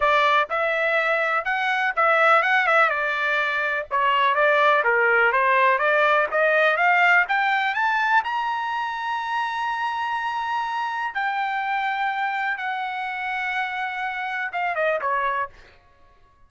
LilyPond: \new Staff \with { instrumentName = "trumpet" } { \time 4/4 \tempo 4 = 124 d''4 e''2 fis''4 | e''4 fis''8 e''8 d''2 | cis''4 d''4 ais'4 c''4 | d''4 dis''4 f''4 g''4 |
a''4 ais''2.~ | ais''2. g''4~ | g''2 fis''2~ | fis''2 f''8 dis''8 cis''4 | }